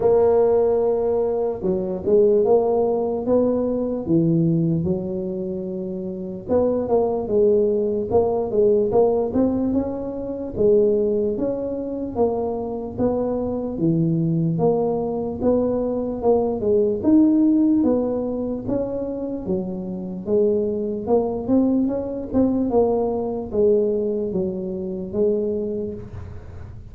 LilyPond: \new Staff \with { instrumentName = "tuba" } { \time 4/4 \tempo 4 = 74 ais2 fis8 gis8 ais4 | b4 e4 fis2 | b8 ais8 gis4 ais8 gis8 ais8 c'8 | cis'4 gis4 cis'4 ais4 |
b4 e4 ais4 b4 | ais8 gis8 dis'4 b4 cis'4 | fis4 gis4 ais8 c'8 cis'8 c'8 | ais4 gis4 fis4 gis4 | }